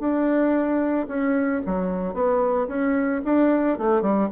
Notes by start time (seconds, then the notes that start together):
0.00 D4
1.08 C#4
1.66 F#3
2.14 B3
2.68 C#4
3.25 D4
3.79 A3
4.02 G3